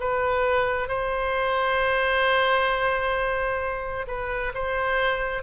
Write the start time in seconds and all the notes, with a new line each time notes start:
0.00 B4
0.88 C5
4.07 B4
4.55 C5